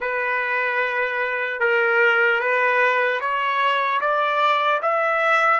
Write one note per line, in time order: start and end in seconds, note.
0.00 1.60 B4
1.60 2.40 A#4
2.40 3.20 B4
3.20 4.00 C#5
4.00 4.80 D5
4.82 5.60 E5